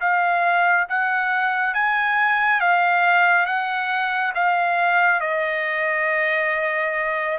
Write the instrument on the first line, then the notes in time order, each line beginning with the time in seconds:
trumpet
0.00 F5
0.89 F#5
1.74 G#5
2.60 F5
3.46 F#5
4.35 F5
5.21 D#5